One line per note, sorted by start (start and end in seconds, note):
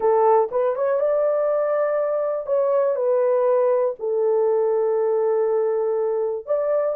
0.00 0.49 A4
0.51 0.75 B4
0.75 1.00 C#5
1.00 2.46 D5
2.46 2.95 C#5
2.95 3.94 B4
3.99 6.46 A4
6.46 6.95 D5